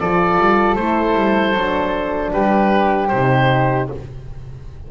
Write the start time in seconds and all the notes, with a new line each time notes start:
0.00 F3 F4 A4 D5
0.38 G3
0.76 A3 E4 C5
1.15 G3
1.54 F#3 D4
2.33 G3 G4 B4
3.09 C3 D#4 C5